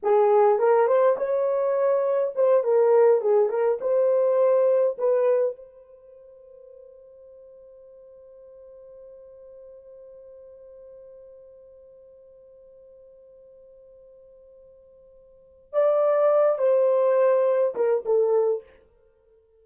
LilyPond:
\new Staff \with { instrumentName = "horn" } { \time 4/4 \tempo 4 = 103 gis'4 ais'8 c''8 cis''2 | c''8 ais'4 gis'8 ais'8 c''4.~ | c''8 b'4 c''2~ c''8~ | c''1~ |
c''1~ | c''1~ | c''2. d''4~ | d''8 c''2 ais'8 a'4 | }